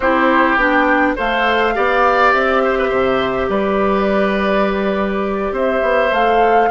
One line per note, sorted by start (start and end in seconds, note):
0.00 0.56 C4
0.00 0.58 E4
0.00 1.12 G4
0.00 0.56 C5
0.56 1.14 B3
0.56 1.16 D4
0.56 1.14 G5
1.16 1.76 A3
1.16 1.74 A4
1.16 1.74 C5
1.16 2.33 F5
1.74 2.33 B3
1.74 6.11 G4
1.74 2.63 D5
2.33 2.91 C4
2.33 3.49 E5
2.63 2.78 C5
2.78 2.88 B4
2.88 3.49 C3
2.88 3.46 C5
3.49 5.51 G3
3.49 5.52 B4
3.49 5.54 D5
5.51 5.80 C4
5.51 6.69 C5
5.51 6.13 E5
5.82 6.11 B3
6.11 6.69 A3
6.11 6.71 A4
6.11 6.71 F5